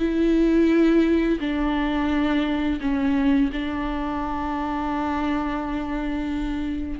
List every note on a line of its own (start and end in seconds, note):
0.00 1.40 E4
1.40 2.80 D4
2.81 3.51 C#4
3.53 7.00 D4